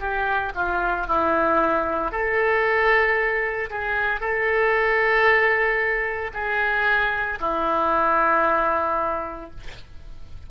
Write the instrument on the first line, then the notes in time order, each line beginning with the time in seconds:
oboe
0.00 G4
0.56 F4
1.08 E4
2.12 A4
3.70 G#4
4.21 A4
6.34 G#4
7.40 E4